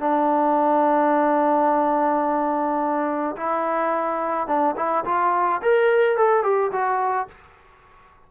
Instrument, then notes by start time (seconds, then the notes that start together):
trombone
0.00 D4
3.37 E4
4.48 D4
4.77 E4
5.05 F4
5.62 A#4
6.17 A4
6.44 G4
6.72 F#4